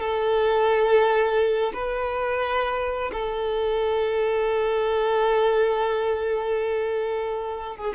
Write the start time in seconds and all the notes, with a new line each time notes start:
0.00 A4
1.74 B4
3.12 A4
7.77 G#4